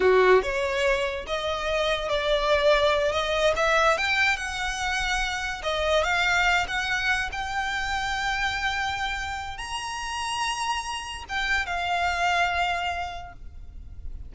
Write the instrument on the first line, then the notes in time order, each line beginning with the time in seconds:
violin
0.00 F#4
0.42 C#5
1.26 D#5
2.08 D5
3.12 D#5
3.55 E5
3.97 G5
4.37 F#5
5.62 D#5
6.03 F5
6.67 F#5
7.31 G5
9.57 A#5
11.29 G5
11.66 F5